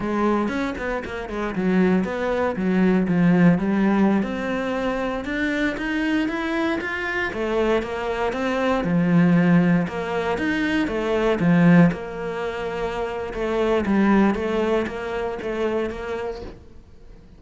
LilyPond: \new Staff \with { instrumentName = "cello" } { \time 4/4 \tempo 4 = 117 gis4 cis'8 b8 ais8 gis8 fis4 | b4 fis4 f4 g4~ | g16 c'2 d'4 dis'8.~ | dis'16 e'4 f'4 a4 ais8.~ |
ais16 c'4 f2 ais8.~ | ais16 dis'4 a4 f4 ais8.~ | ais2 a4 g4 | a4 ais4 a4 ais4 | }